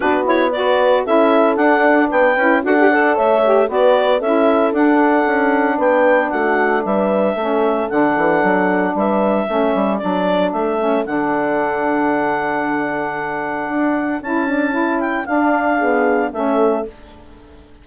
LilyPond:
<<
  \new Staff \with { instrumentName = "clarinet" } { \time 4/4 \tempo 4 = 114 b'8 cis''8 d''4 e''4 fis''4 | g''4 fis''4 e''4 d''4 | e''4 fis''2 g''4 | fis''4 e''2 fis''4~ |
fis''4 e''2 d''4 | e''4 fis''2.~ | fis''2. a''4~ | a''8 g''8 f''2 e''4 | }
  \new Staff \with { instrumentName = "horn" } { \time 4/4 fis'4 b'4 a'2 | b'4 a'8 d''8 cis''4 b'4 | a'2. b'4 | fis'4 b'4 a'2~ |
a'4 b'4 a'2~ | a'1~ | a'1~ | a'2 gis'4 a'4 | }
  \new Staff \with { instrumentName = "saxophone" } { \time 4/4 d'8 e'8 fis'4 e'4 d'4~ | d'8 e'8 fis'16 g'16 a'4 g'8 fis'4 | e'4 d'2.~ | d'2 cis'4 d'4~ |
d'2 cis'4 d'4~ | d'8 cis'8 d'2.~ | d'2. e'8 d'8 | e'4 d'4 b4 cis'4 | }
  \new Staff \with { instrumentName = "bassoon" } { \time 4/4 b2 cis'4 d'4 | b8 cis'8 d'4 a4 b4 | cis'4 d'4 cis'4 b4 | a4 g4 a4 d8 e8 |
fis4 g4 a8 g8 fis4 | a4 d2.~ | d2 d'4 cis'4~ | cis'4 d'2 a4 | }
>>